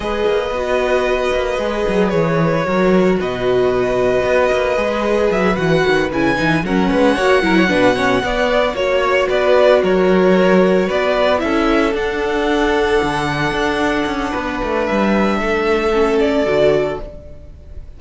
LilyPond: <<
  \new Staff \with { instrumentName = "violin" } { \time 4/4 \tempo 4 = 113 dis''1 | cis''2 dis''2~ | dis''2 e''8 fis''4 gis''8~ | gis''8 fis''2.~ fis''8~ |
fis''8 cis''4 d''4 cis''4.~ | cis''8 d''4 e''4 fis''4.~ | fis''1 | e''2~ e''8 d''4. | }
  \new Staff \with { instrumentName = "violin" } { \time 4/4 b'1~ | b'4 ais'4 b'2~ | b'1~ | b'8 ais'8 b'8 cis''8 ais'16 cis''16 b'8 cis''8 d''8~ |
d''8 cis''4 b'4 ais'4.~ | ais'8 b'4 a'2~ a'8~ | a'2. b'4~ | b'4 a'2. | }
  \new Staff \with { instrumentName = "viola" } { \time 4/4 gis'4 fis'2 gis'4~ | gis'4 fis'2.~ | fis'4 gis'4. fis'4 e'8 | dis'8 cis'4 fis'8 e'8 d'8 cis'8 b8~ |
b8 fis'2.~ fis'8~ | fis'4. e'4 d'4.~ | d'1~ | d'2 cis'4 fis'4 | }
  \new Staff \with { instrumentName = "cello" } { \time 4/4 gis8 ais8 b4. ais8 gis8 fis8 | e4 fis4 b,2 | b8 ais8 gis4 fis8 e8 dis8 cis8 | e8 fis8 gis8 ais8 fis8 b,4 b8~ |
b8 ais4 b4 fis4.~ | fis8 b4 cis'4 d'4.~ | d'8 d4 d'4 cis'8 b8 a8 | g4 a2 d4 | }
>>